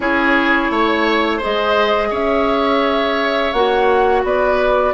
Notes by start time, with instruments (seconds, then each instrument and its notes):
0.00 bassoon C#4, clarinet E4, oboe G#4, flute C#5
0.70 bassoon A3, oboe C#5
1.37 clarinet G#4, oboe C5, flute D#5
1.45 bassoon G#3
2.10 bassoon C#4, oboe C#5, flute E5
3.52 bassoon A#3, clarinet F#4, flute F#5
4.23 bassoon B3, oboe B4, flute D5